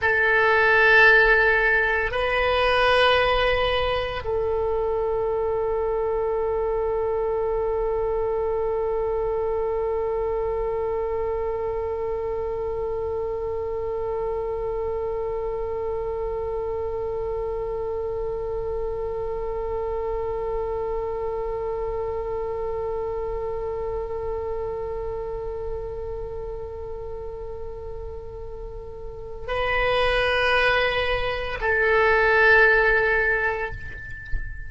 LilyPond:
\new Staff \with { instrumentName = "oboe" } { \time 4/4 \tempo 4 = 57 a'2 b'2 | a'1~ | a'1~ | a'1~ |
a'1~ | a'1~ | a'1 | b'2 a'2 | }